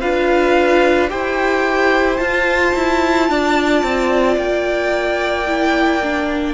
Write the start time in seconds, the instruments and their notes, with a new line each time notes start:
0.00 cello D4, viola F4, violin B4 F5
1.08 cello E4, viola G4, violin C5 G5
2.16 viola F4, cello F4, violin A5
2.75 cello E4
3.29 cello D4, violin D5
3.83 cello C4
4.36 cello A#3, violin G5
5.47 viola E4
6.02 viola D4